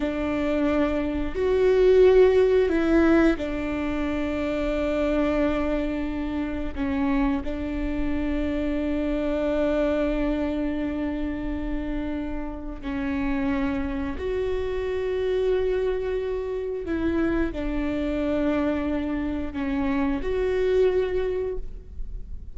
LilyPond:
\new Staff \with { instrumentName = "viola" } { \time 4/4 \tempo 4 = 89 d'2 fis'2 | e'4 d'2.~ | d'2 cis'4 d'4~ | d'1~ |
d'2. cis'4~ | cis'4 fis'2.~ | fis'4 e'4 d'2~ | d'4 cis'4 fis'2 | }